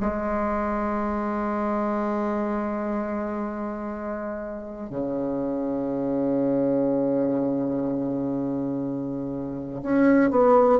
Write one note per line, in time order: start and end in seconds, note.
0.00 4.90 G#3
4.90 9.81 C#3
9.82 10.31 C#4
10.31 10.79 B3